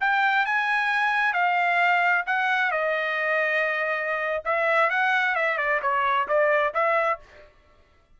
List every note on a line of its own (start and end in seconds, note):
0.00 0.45 G5
0.45 1.33 G#5
1.33 2.25 F5
2.27 2.71 F#5
2.71 4.43 D#5
4.44 4.90 E5
4.90 5.35 F#5
5.35 5.57 E5
5.57 5.80 D5
5.82 6.28 C#5
6.28 6.74 D5
6.74 7.19 E5